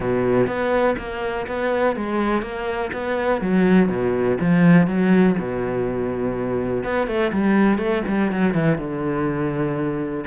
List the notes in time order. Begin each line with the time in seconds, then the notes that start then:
0.00 B2
0.47 B3
0.98 A#3
1.47 B3
1.95 G#3
2.41 A#3
2.93 B3
3.41 F#3
3.88 B2
4.40 F3
4.87 F#3
5.38 B2
6.83 B3
7.07 A3
7.32 G3
7.78 A3
8.07 G3
8.31 F#3
8.54 E3
8.78 D3